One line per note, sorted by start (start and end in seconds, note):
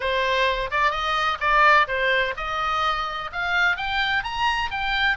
0.00 0.70 C5
0.71 0.91 D5
0.91 1.37 D#5
1.40 1.87 D5
1.87 2.34 C5
2.37 3.30 D#5
3.32 3.76 F5
3.76 4.23 G5
4.23 4.70 A#5
4.70 5.17 G5